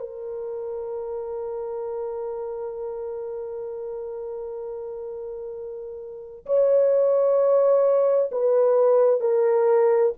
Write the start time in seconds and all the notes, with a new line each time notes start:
0.00 A#4
6.46 C#5
8.32 B4
9.21 A#4